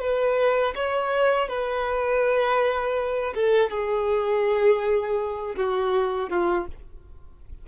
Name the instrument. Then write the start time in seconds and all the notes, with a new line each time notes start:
violin
0.00 B4
0.75 C#5
1.48 B4
3.35 A4
3.70 G#4
5.56 F#4
6.29 F4